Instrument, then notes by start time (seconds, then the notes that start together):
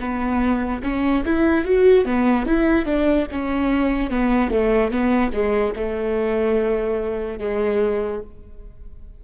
viola
0.00 B3
0.83 C#4
1.25 E4
1.65 F#4
2.05 B3
2.46 E4
2.86 D4
3.32 C#4
4.11 B3
4.52 A3
4.91 B3
5.33 G#3
5.76 A3
7.39 G#3